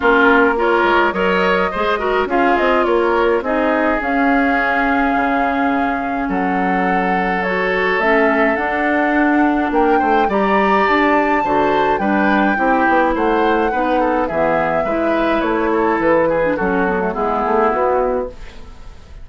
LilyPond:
<<
  \new Staff \with { instrumentName = "flute" } { \time 4/4 \tempo 4 = 105 ais'4 cis''4 dis''2 | f''8 dis''8 cis''4 dis''4 f''4~ | f''2. fis''4~ | fis''4 cis''4 e''4 fis''4~ |
fis''4 g''4 ais''4 a''4~ | a''4 g''2 fis''4~ | fis''4 e''2 cis''4 | b'4 a'4 gis'4 fis'4 | }
  \new Staff \with { instrumentName = "oboe" } { \time 4/4 f'4 ais'4 cis''4 c''8 ais'8 | gis'4 ais'4 gis'2~ | gis'2. a'4~ | a'1~ |
a'4 ais'8 c''8 d''2 | c''4 b'4 g'4 c''4 | b'8 a'8 gis'4 b'4. a'8~ | a'8 gis'8 fis'4 e'2 | }
  \new Staff \with { instrumentName = "clarinet" } { \time 4/4 cis'4 f'4 ais'4 gis'8 fis'8 | f'2 dis'4 cis'4~ | cis'1~ | cis'4 fis'4 cis'4 d'4~ |
d'2 g'2 | fis'4 d'4 e'2 | dis'4 b4 e'2~ | e'8. d'16 cis'8 b16 a16 b2 | }
  \new Staff \with { instrumentName = "bassoon" } { \time 4/4 ais4. gis8 fis4 gis4 | cis'8 c'8 ais4 c'4 cis'4~ | cis'4 cis2 fis4~ | fis2 a4 d'4~ |
d'4 ais8 a8 g4 d'4 | d4 g4 c'8 b8 a4 | b4 e4 gis4 a4 | e4 fis4 gis8 a8 b4 | }
>>